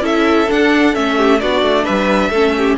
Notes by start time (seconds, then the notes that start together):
0.00 C#4 E4 A4 E5
0.48 D4 F#5
0.94 A3 C#4 E5
1.16 G4
1.40 B3 D4 F#4 D5
1.62 A3
1.84 G3 B4 E5
2.29 A3 C#4 A4
2.57 G4